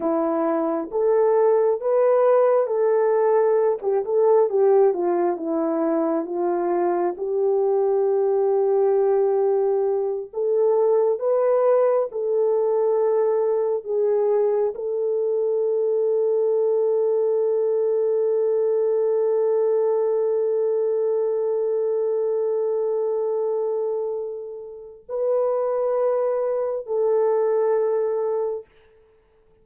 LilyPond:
\new Staff \with { instrumentName = "horn" } { \time 4/4 \tempo 4 = 67 e'4 a'4 b'4 a'4~ | a'16 g'16 a'8 g'8 f'8 e'4 f'4 | g'2.~ g'8 a'8~ | a'8 b'4 a'2 gis'8~ |
gis'8 a'2.~ a'8~ | a'1~ | a'1 | b'2 a'2 | }